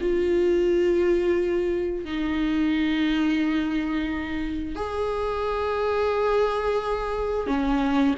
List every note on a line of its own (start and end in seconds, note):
0.00 2.05 F4
2.05 4.75 D#4
4.75 7.47 G#4
7.47 8.15 C#4